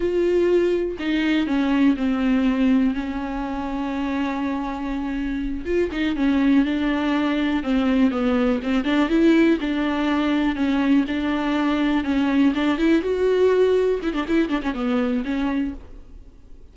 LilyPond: \new Staff \with { instrumentName = "viola" } { \time 4/4 \tempo 4 = 122 f'2 dis'4 cis'4 | c'2 cis'2~ | cis'2.~ cis'8 f'8 | dis'8 cis'4 d'2 c'8~ |
c'8 b4 c'8 d'8 e'4 d'8~ | d'4. cis'4 d'4.~ | d'8 cis'4 d'8 e'8 fis'4.~ | fis'8 e'16 d'16 e'8 d'16 cis'16 b4 cis'4 | }